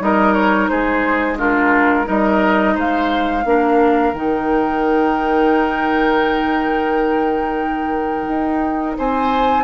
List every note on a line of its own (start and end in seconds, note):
0.00 0.69 G3
0.00 1.38 D#4
0.00 0.71 A#4
0.00 0.33 D#5
0.33 0.68 C#5
0.68 2.08 G#3
0.68 1.38 G#4
0.68 1.37 C5
1.38 2.05 D4
1.38 2.07 F4
1.38 2.08 A#4
2.05 2.76 G3
2.05 3.43 D#4
2.05 2.75 A#4
2.05 2.77 D#5
2.75 3.45 G#3
2.75 3.44 C5
2.75 4.14 F5
3.45 4.13 A#3
3.45 4.14 D4
3.45 8.98 A#4
4.13 8.27 D#3
4.13 9.64 D#4
4.13 8.97 G5
8.28 8.97 D#4
8.98 9.64 C4
8.98 9.64 C5
8.98 9.64 G#5